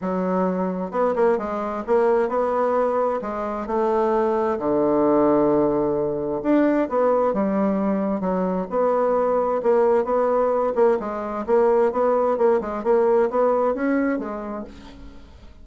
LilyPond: \new Staff \with { instrumentName = "bassoon" } { \time 4/4 \tempo 4 = 131 fis2 b8 ais8 gis4 | ais4 b2 gis4 | a2 d2~ | d2 d'4 b4 |
g2 fis4 b4~ | b4 ais4 b4. ais8 | gis4 ais4 b4 ais8 gis8 | ais4 b4 cis'4 gis4 | }